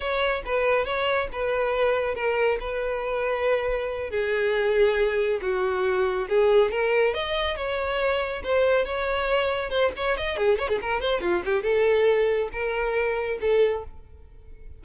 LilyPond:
\new Staff \with { instrumentName = "violin" } { \time 4/4 \tempo 4 = 139 cis''4 b'4 cis''4 b'4~ | b'4 ais'4 b'2~ | b'4. gis'2~ gis'8~ | gis'8 fis'2 gis'4 ais'8~ |
ais'8 dis''4 cis''2 c''8~ | c''8 cis''2 c''8 cis''8 dis''8 | gis'8 cis''16 gis'16 ais'8 c''8 f'8 g'8 a'4~ | a'4 ais'2 a'4 | }